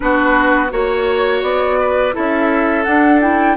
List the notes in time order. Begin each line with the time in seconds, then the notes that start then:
0.00 B3 D4 F#4 B4
0.70 A#3 F#4 C#5
1.42 B3 D5
1.80 B4
2.12 C#4 E4 A4 E5
2.83 D4 F#5
3.21 E4 G5